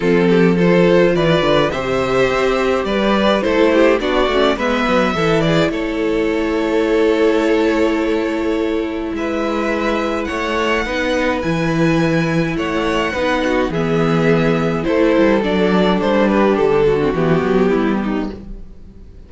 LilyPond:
<<
  \new Staff \with { instrumentName = "violin" } { \time 4/4 \tempo 4 = 105 a'4 c''4 d''4 e''4~ | e''4 d''4 c''4 d''4 | e''4. d''8 cis''2~ | cis''1 |
e''2 fis''2 | gis''2 fis''2 | e''2 c''4 d''4 | c''8 b'8 a'4 g'2 | }
  \new Staff \with { instrumentName = "violin" } { \time 4/4 f'8 g'8 a'4 b'4 c''4~ | c''4 b'4 a'8 g'8 fis'4 | b'4 a'8 gis'8 a'2~ | a'1 |
b'2 cis''4 b'4~ | b'2 cis''4 b'8 fis'8 | gis'2 a'2~ | a'8 g'4 fis'4. e'8 dis'8 | }
  \new Staff \with { instrumentName = "viola" } { \time 4/4 c'4 f'2 g'4~ | g'2 e'4 d'8 cis'8 | b4 e'2.~ | e'1~ |
e'2. dis'4 | e'2. dis'4 | b2 e'4 d'4~ | d'4.~ d'16 c'16 b2 | }
  \new Staff \with { instrumentName = "cello" } { \time 4/4 f2 e8 d8 c4 | c'4 g4 a4 b8 a8 | gis8 fis8 e4 a2~ | a1 |
gis2 a4 b4 | e2 a4 b4 | e2 a8 g8 fis4 | g4 d4 e8 fis8 g4 | }
>>